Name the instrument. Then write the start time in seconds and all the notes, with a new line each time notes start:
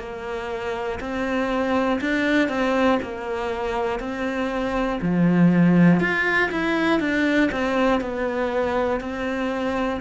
cello
0.00 A#3
1.01 C4
2.01 D4
2.50 C4
3.03 A#3
4.00 C4
5.02 F3
6.01 F4
6.52 E4
7.01 D4
7.52 C4
8.01 B3
9.01 C4